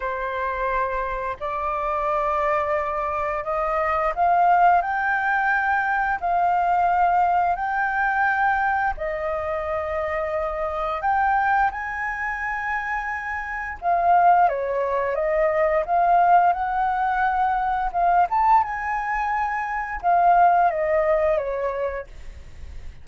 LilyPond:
\new Staff \with { instrumentName = "flute" } { \time 4/4 \tempo 4 = 87 c''2 d''2~ | d''4 dis''4 f''4 g''4~ | g''4 f''2 g''4~ | g''4 dis''2. |
g''4 gis''2. | f''4 cis''4 dis''4 f''4 | fis''2 f''8 a''8 gis''4~ | gis''4 f''4 dis''4 cis''4 | }